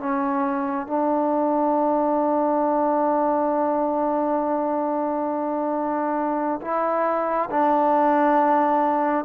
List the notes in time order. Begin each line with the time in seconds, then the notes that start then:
0.00 C#4
0.87 D4
6.62 E4
7.51 D4